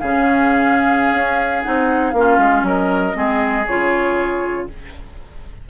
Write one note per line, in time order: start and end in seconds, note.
0.00 1.13 C#3
0.00 1.64 C#4
0.00 2.16 G#4
0.00 1.64 F5
1.13 1.63 C#4
1.64 2.13 C4
1.64 2.14 D#4
1.64 2.11 F#5
2.11 2.39 A#3
2.11 3.14 C#4
2.11 2.62 F5
2.19 2.67 F4
2.39 2.63 G#3
2.63 3.14 F#3
2.63 3.17 A#4
2.63 3.67 D#5
3.14 3.67 G#3
3.14 3.64 C4
3.14 4.68 G#4
3.67 4.69 C#3
3.67 4.70 F4
3.67 4.68 C#5